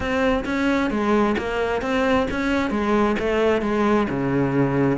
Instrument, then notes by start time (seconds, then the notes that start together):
cello
0.00 C4
0.45 C#4
0.90 G#3
1.38 A#3
1.81 C4
2.31 C#4
2.70 G#3
3.19 A3
3.61 G#3
4.09 C#3